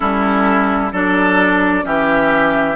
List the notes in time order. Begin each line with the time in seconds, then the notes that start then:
0.00 G3 C#4 E4 A4
0.92 F#3 D4 A4 D5
1.82 E3 C#4 G4 E5